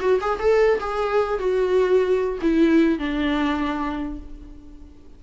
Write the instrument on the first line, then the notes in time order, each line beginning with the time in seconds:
viola
0.00 F#4
0.21 G#4
0.40 A4
0.81 G#4
1.39 F#4
2.42 E4
2.99 D4